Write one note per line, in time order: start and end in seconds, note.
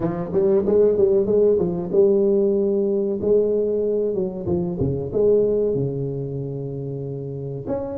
0.00 0.31 F3
0.32 0.64 G3
0.66 0.97 G#3
0.97 1.26 G3
1.26 1.58 G#3
1.58 1.90 F3
1.91 3.19 G3
3.21 4.14 G#3
4.14 4.46 F#3
4.46 4.78 F3
4.79 5.11 C#3
5.12 5.74 G#3
5.74 7.66 C#3
7.67 7.98 C#4